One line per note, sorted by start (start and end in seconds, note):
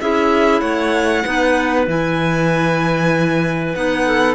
0.00 0.61 C#4
0.00 1.24 E4
0.00 0.60 G#4
0.00 0.60 E5
0.60 1.24 A3
0.60 1.23 C#5
0.60 1.85 F#5
1.24 1.87 B3
1.24 1.87 D#4
1.24 4.06 B4
1.87 3.74 E3
1.87 3.75 E4
1.87 3.75 G#5
3.75 4.34 B3
3.75 4.34 D#4
3.75 4.34 F#5
4.06 4.34 A4